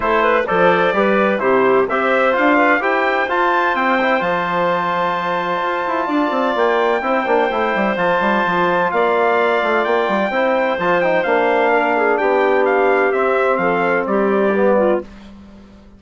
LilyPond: <<
  \new Staff \with { instrumentName = "trumpet" } { \time 4/4 \tempo 4 = 128 c''4 d''2 c''4 | e''4 f''4 g''4 a''4 | g''4 a''2.~ | a''2 g''2~ |
g''4 a''2 f''4~ | f''4 g''2 a''8 g''8 | f''2 g''4 f''4 | e''4 f''4 d''2 | }
  \new Staff \with { instrumentName = "clarinet" } { \time 4/4 a'8 b'8 c''4 b'4 g'4 | c''4. b'8 c''2~ | c''1~ | c''4 d''2 c''4~ |
c''2. d''4~ | d''2 c''2~ | c''4 ais'8 gis'8 g'2~ | g'4 a'4 g'4. f'8 | }
  \new Staff \with { instrumentName = "trombone" } { \time 4/4 e'4 a'4 g'4 e'4 | g'4 f'4 g'4 f'4~ | f'8 e'8 f'2.~ | f'2. e'8 d'8 |
e'4 f'2.~ | f'2 e'4 f'8 dis'8 | d'1 | c'2. b4 | }
  \new Staff \with { instrumentName = "bassoon" } { \time 4/4 a4 f4 g4 c4 | c'4 d'4 e'4 f'4 | c'4 f2. | f'8 e'8 d'8 c'8 ais4 c'8 ais8 |
a8 g8 f8 g8 f4 ais4~ | ais8 a8 ais8 g8 c'4 f4 | ais2 b2 | c'4 f4 g2 | }
>>